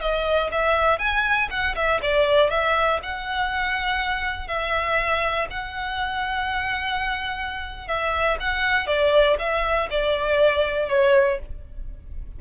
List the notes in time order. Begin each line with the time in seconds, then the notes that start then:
0.00 D#5
0.51 E5
0.98 G#5
1.50 F#5
1.75 E5
2.02 D5
2.50 E5
3.03 F#5
4.47 E5
5.50 F#5
7.87 E5
8.40 F#5
8.86 D5
9.38 E5
9.90 D5
10.89 C#5